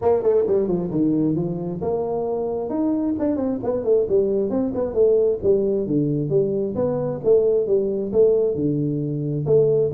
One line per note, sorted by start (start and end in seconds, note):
0.01 0.22 A#3
0.22 0.45 A3
0.47 0.67 G3
0.67 0.90 F3
0.90 1.35 D#3
1.35 1.80 F3
1.81 2.69 A#3
2.69 3.14 D#4
3.19 3.36 D4
3.36 3.59 C4
3.63 3.84 B3
3.84 4.06 A3
4.08 4.50 G3
4.50 4.72 C4
4.74 4.94 B3
4.94 5.39 A3
5.42 5.86 G3
5.86 6.29 D3
6.29 6.74 G3
6.75 7.20 B3
7.23 7.67 A3
7.67 8.12 G3
8.12 8.55 A3
8.55 9.45 D3
9.46 9.91 A3